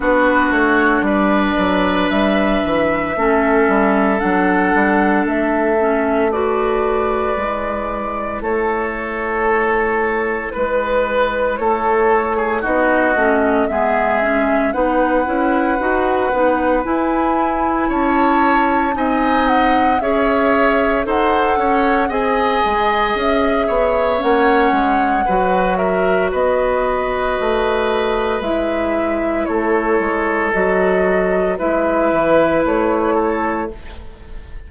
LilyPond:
<<
  \new Staff \with { instrumentName = "flute" } { \time 4/4 \tempo 4 = 57 b'8 cis''8 d''4 e''2 | fis''4 e''4 d''2 | cis''2 b'4 cis''4 | dis''4 e''4 fis''2 |
gis''4 a''4 gis''8 fis''8 e''4 | fis''4 gis''4 e''4 fis''4~ | fis''8 e''8 dis''2 e''4 | cis''4 dis''4 e''4 cis''4 | }
  \new Staff \with { instrumentName = "oboe" } { \time 4/4 fis'4 b'2 a'4~ | a'2 b'2 | a'2 b'4 a'8. gis'16 | fis'4 gis'4 b'2~ |
b'4 cis''4 dis''4 cis''4 | c''8 cis''8 dis''4. cis''4. | b'8 ais'8 b'2. | a'2 b'4. a'8 | }
  \new Staff \with { instrumentName = "clarinet" } { \time 4/4 d'2. cis'4 | d'4. cis'8 fis'4 e'4~ | e'1 | dis'8 cis'8 b8 cis'8 dis'8 e'8 fis'8 dis'8 |
e'2 dis'4 gis'4 | a'4 gis'2 cis'4 | fis'2. e'4~ | e'4 fis'4 e'2 | }
  \new Staff \with { instrumentName = "bassoon" } { \time 4/4 b8 a8 g8 fis8 g8 e8 a8 g8 | fis8 g8 a2 gis4 | a2 gis4 a4 | b8 a8 gis4 b8 cis'8 dis'8 b8 |
e'4 cis'4 c'4 cis'4 | dis'8 cis'8 c'8 gis8 cis'8 b8 ais8 gis8 | fis4 b4 a4 gis4 | a8 gis8 fis4 gis8 e8 a4 | }
>>